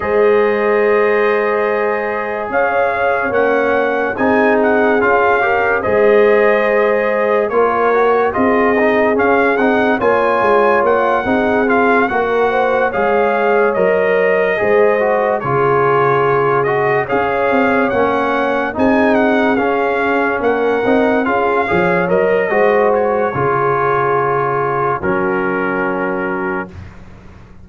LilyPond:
<<
  \new Staff \with { instrumentName = "trumpet" } { \time 4/4 \tempo 4 = 72 dis''2. f''4 | fis''4 gis''8 fis''8 f''4 dis''4~ | dis''4 cis''4 dis''4 f''8 fis''8 | gis''4 fis''4 f''8 fis''4 f''8~ |
f''8 dis''2 cis''4. | dis''8 f''4 fis''4 gis''8 fis''8 f''8~ | f''8 fis''4 f''4 dis''4 cis''8~ | cis''2 ais'2 | }
  \new Staff \with { instrumentName = "horn" } { \time 4/4 c''2. cis''4~ | cis''4 gis'4. ais'8 c''4~ | c''4 ais'4 gis'2 | cis''4. gis'4 ais'8 c''8 cis''8~ |
cis''4. c''4 gis'4.~ | gis'8 cis''2 gis'4.~ | gis'8 ais'4 gis'8 cis''4 c''4 | gis'2 fis'2 | }
  \new Staff \with { instrumentName = "trombone" } { \time 4/4 gis'1 | cis'4 dis'4 f'8 g'8 gis'4~ | gis'4 f'8 fis'8 f'8 dis'8 cis'8 dis'8 | f'4. dis'8 f'8 fis'4 gis'8~ |
gis'8 ais'4 gis'8 fis'8 f'4. | fis'8 gis'4 cis'4 dis'4 cis'8~ | cis'4 dis'8 f'8 gis'8 ais'8 fis'4 | f'2 cis'2 | }
  \new Staff \with { instrumentName = "tuba" } { \time 4/4 gis2. cis'4 | ais4 c'4 cis'4 gis4~ | gis4 ais4 c'4 cis'8 c'8 | ais8 gis8 ais8 c'4 ais4 gis8~ |
gis8 fis4 gis4 cis4.~ | cis8 cis'8 c'8 ais4 c'4 cis'8~ | cis'8 ais8 c'8 cis'8 f8 fis8 gis4 | cis2 fis2 | }
>>